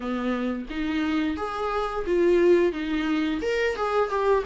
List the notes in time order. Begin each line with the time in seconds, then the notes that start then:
0.00 B3
0.70 D#4
1.36 G#4
2.06 F4
2.72 D#4
3.41 A#4
3.76 G#4
4.09 G4